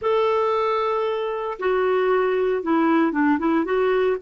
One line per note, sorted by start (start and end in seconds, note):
0.01 1.58 A4
1.59 2.62 F#4
2.62 3.12 E4
3.12 3.38 D4
3.38 3.64 E4
3.64 4.16 F#4